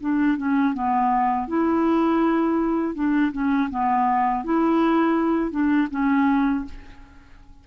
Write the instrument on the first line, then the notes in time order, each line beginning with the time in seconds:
clarinet
0.00 D4
0.37 C#4
0.73 B3
1.47 E4
2.95 D4
3.32 C#4
3.70 B3
4.44 E4
5.51 D4
5.91 C#4